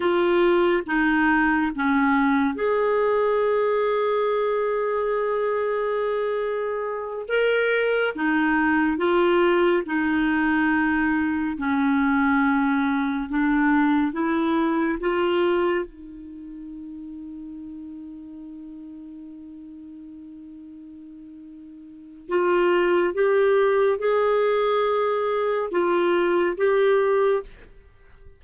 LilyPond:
\new Staff \with { instrumentName = "clarinet" } { \time 4/4 \tempo 4 = 70 f'4 dis'4 cis'4 gis'4~ | gis'1~ | gis'8 ais'4 dis'4 f'4 dis'8~ | dis'4. cis'2 d'8~ |
d'8 e'4 f'4 dis'4.~ | dis'1~ | dis'2 f'4 g'4 | gis'2 f'4 g'4 | }